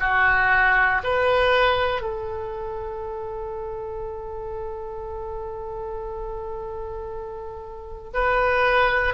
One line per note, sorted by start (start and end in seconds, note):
0.00 1.02 F#4
1.04 2.02 B4
2.02 8.12 A4
8.14 9.14 B4